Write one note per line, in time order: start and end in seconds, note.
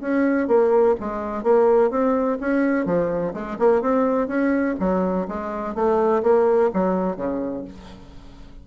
0.00 0.47 C#4
0.47 0.95 A#3
1.00 1.43 G#3
1.43 1.90 A#3
1.90 2.38 C4
2.40 2.85 C#4
2.85 3.33 F3
3.33 3.57 G#3
3.59 3.81 A#3
3.81 4.27 C4
4.27 4.75 C#4
4.79 5.27 F#3
5.28 5.75 G#3
5.75 6.22 A3
6.22 6.70 A#3
6.73 7.16 F#3
7.16 7.64 C#3